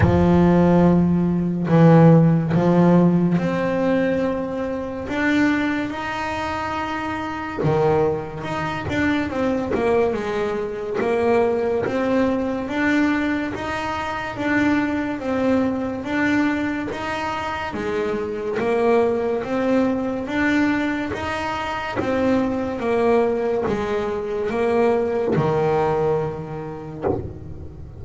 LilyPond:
\new Staff \with { instrumentName = "double bass" } { \time 4/4 \tempo 4 = 71 f2 e4 f4 | c'2 d'4 dis'4~ | dis'4 dis4 dis'8 d'8 c'8 ais8 | gis4 ais4 c'4 d'4 |
dis'4 d'4 c'4 d'4 | dis'4 gis4 ais4 c'4 | d'4 dis'4 c'4 ais4 | gis4 ais4 dis2 | }